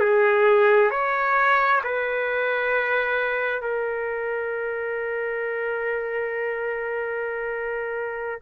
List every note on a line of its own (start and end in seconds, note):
0.00 0.91 G#4
0.91 1.82 C#5
1.84 3.62 B4
3.62 8.39 A#4